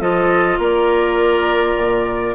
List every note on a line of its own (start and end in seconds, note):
0.00 0.58 F3
0.00 2.35 F4
0.00 0.58 A4
0.00 0.59 D#5
0.58 1.75 A#3
0.58 2.35 A#4
0.58 2.35 D5
1.76 2.35 A#2